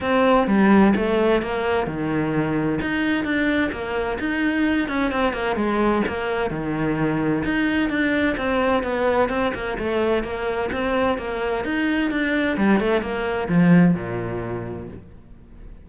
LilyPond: \new Staff \with { instrumentName = "cello" } { \time 4/4 \tempo 4 = 129 c'4 g4 a4 ais4 | dis2 dis'4 d'4 | ais4 dis'4. cis'8 c'8 ais8 | gis4 ais4 dis2 |
dis'4 d'4 c'4 b4 | c'8 ais8 a4 ais4 c'4 | ais4 dis'4 d'4 g8 a8 | ais4 f4 ais,2 | }